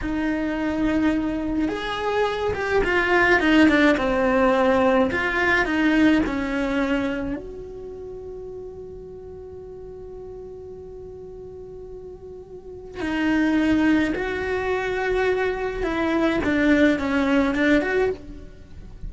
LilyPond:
\new Staff \with { instrumentName = "cello" } { \time 4/4 \tempo 4 = 106 dis'2. gis'4~ | gis'8 g'8 f'4 dis'8 d'8 c'4~ | c'4 f'4 dis'4 cis'4~ | cis'4 fis'2.~ |
fis'1~ | fis'2. dis'4~ | dis'4 fis'2. | e'4 d'4 cis'4 d'8 fis'8 | }